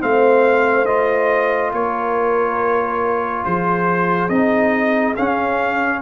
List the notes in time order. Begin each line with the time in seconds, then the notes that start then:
0.00 A3 C4 C5 F5
0.86 F4 D#5
1.73 A#3 A#4 C#5
3.45 F3 G#4 C5
4.29 C4 D#4 D#5
5.16 C#4 F5